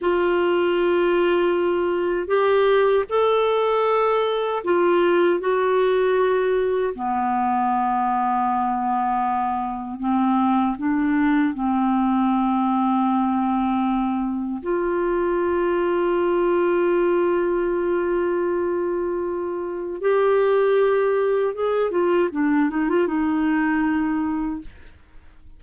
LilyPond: \new Staff \with { instrumentName = "clarinet" } { \time 4/4 \tempo 4 = 78 f'2. g'4 | a'2 f'4 fis'4~ | fis'4 b2.~ | b4 c'4 d'4 c'4~ |
c'2. f'4~ | f'1~ | f'2 g'2 | gis'8 f'8 d'8 dis'16 f'16 dis'2 | }